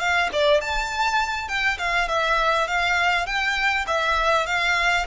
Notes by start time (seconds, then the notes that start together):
0.00 F5
0.33 D5
0.62 A5
1.49 G5
1.79 F5
2.09 E5
2.68 F5
3.26 G5
3.87 E5
4.47 F5